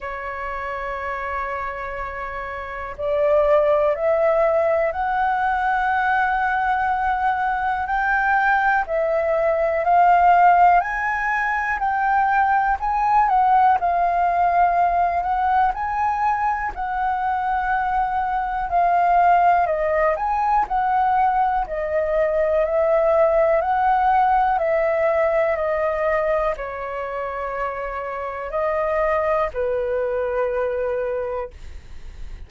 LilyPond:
\new Staff \with { instrumentName = "flute" } { \time 4/4 \tempo 4 = 61 cis''2. d''4 | e''4 fis''2. | g''4 e''4 f''4 gis''4 | g''4 gis''8 fis''8 f''4. fis''8 |
gis''4 fis''2 f''4 | dis''8 gis''8 fis''4 dis''4 e''4 | fis''4 e''4 dis''4 cis''4~ | cis''4 dis''4 b'2 | }